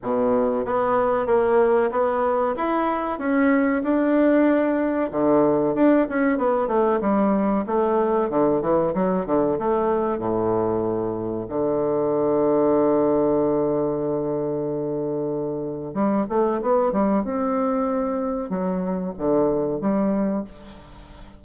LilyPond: \new Staff \with { instrumentName = "bassoon" } { \time 4/4 \tempo 4 = 94 b,4 b4 ais4 b4 | e'4 cis'4 d'2 | d4 d'8 cis'8 b8 a8 g4 | a4 d8 e8 fis8 d8 a4 |
a,2 d2~ | d1~ | d4 g8 a8 b8 g8 c'4~ | c'4 fis4 d4 g4 | }